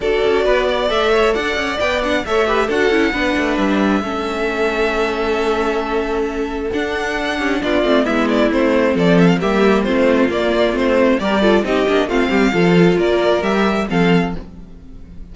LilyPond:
<<
  \new Staff \with { instrumentName = "violin" } { \time 4/4 \tempo 4 = 134 d''2 e''4 fis''4 | g''8 fis''8 e''4 fis''2 | e''1~ | e''2. fis''4~ |
fis''4 d''4 e''8 d''8 c''4 | d''8 e''16 f''16 e''4 c''4 d''4 | c''4 d''4 dis''4 f''4~ | f''4 d''4 e''4 f''4 | }
  \new Staff \with { instrumentName = "violin" } { \time 4/4 a'4 b'8 d''4 cis''8 d''4~ | d''4 cis''8 b'8 a'4 b'4~ | b'4 a'2.~ | a'1~ |
a'8 g'8 f'4 e'2 | a'4 g'4 f'2~ | f'4 ais'8 a'8 g'4 f'8 g'8 | a'4 ais'2 a'4 | }
  \new Staff \with { instrumentName = "viola" } { \time 4/4 fis'2 a'2 | b'8 d'8 a'8 g'8 fis'8 e'8 d'4~ | d'4 cis'2.~ | cis'2. d'4~ |
d'4. c'8 b4 c'4~ | c'4 ais4 c'4 ais4 | c'4 g'8 f'8 dis'8 d'8 c'4 | f'2 g'4 c'4 | }
  \new Staff \with { instrumentName = "cello" } { \time 4/4 d'8 cis'8 b4 a4 d'8 cis'8 | b4 a4 d'8 cis'8 b8 a8 | g4 a2.~ | a2. d'4~ |
d'8 cis'8 b8 a8 gis4 a4 | f4 g4 a4 ais4 | a4 g4 c'8 ais8 a8 g8 | f4 ais4 g4 f4 | }
>>